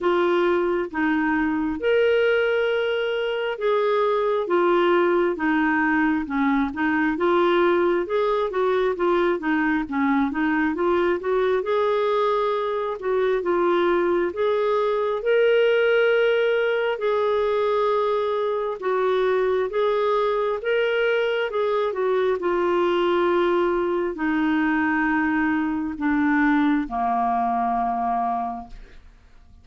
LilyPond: \new Staff \with { instrumentName = "clarinet" } { \time 4/4 \tempo 4 = 67 f'4 dis'4 ais'2 | gis'4 f'4 dis'4 cis'8 dis'8 | f'4 gis'8 fis'8 f'8 dis'8 cis'8 dis'8 | f'8 fis'8 gis'4. fis'8 f'4 |
gis'4 ais'2 gis'4~ | gis'4 fis'4 gis'4 ais'4 | gis'8 fis'8 f'2 dis'4~ | dis'4 d'4 ais2 | }